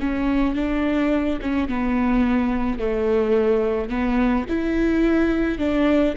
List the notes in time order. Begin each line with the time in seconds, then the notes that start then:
0.00 C#4
0.55 D4
1.42 C#4
1.68 B3
2.79 A3
3.89 B3
4.49 E4
5.58 D4